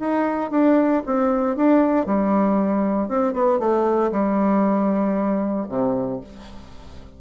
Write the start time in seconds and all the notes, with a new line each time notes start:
0.00 D#4
0.51 D4
1.07 C4
1.57 D4
2.06 G3
3.09 C4
3.34 B3
3.60 A3
4.12 G3
5.69 C3